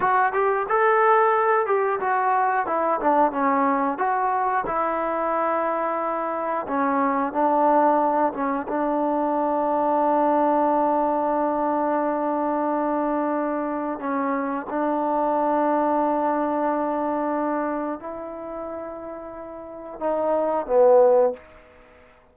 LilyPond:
\new Staff \with { instrumentName = "trombone" } { \time 4/4 \tempo 4 = 90 fis'8 g'8 a'4. g'8 fis'4 | e'8 d'8 cis'4 fis'4 e'4~ | e'2 cis'4 d'4~ | d'8 cis'8 d'2.~ |
d'1~ | d'4 cis'4 d'2~ | d'2. e'4~ | e'2 dis'4 b4 | }